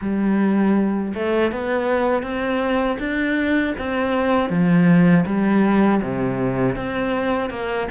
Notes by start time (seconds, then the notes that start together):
0.01 G3
1.14 A3
1.51 B3
2.22 C4
2.99 D4
3.78 C4
4.49 F3
5.26 G3
6.02 C3
6.75 C4
7.50 A#3